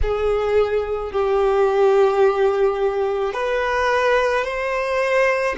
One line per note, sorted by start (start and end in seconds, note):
0.02 1.12 G#4
1.12 3.33 G4
3.33 4.44 B4
4.44 5.55 C5